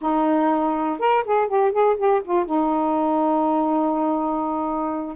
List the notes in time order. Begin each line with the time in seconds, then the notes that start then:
0.01 D#4
0.99 A#4
1.25 G#4
1.47 G4
1.71 G#4
1.96 G4
2.24 F4
2.45 D#4